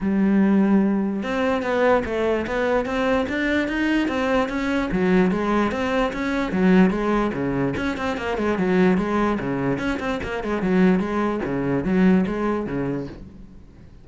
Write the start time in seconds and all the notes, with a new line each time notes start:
0.00 G3
1.22 C4
1.62 B3
2.05 A3
2.46 B3
2.85 C4
3.28 D4
3.68 D#4
4.08 C4
4.48 C#4
4.91 F#3
5.31 G#3
5.71 C4
6.13 C#4
6.52 F#3
6.90 G#3
7.33 C#3
7.76 C#4
7.97 C4
8.17 A#3
8.37 G#3
8.58 F#3
8.97 G#3
9.39 C#3
9.78 C#4
9.99 C4
10.23 A#3
10.43 G#3
10.62 F#3
10.99 G#3
11.44 C#3
11.84 F#3
12.27 G#3
12.66 C#3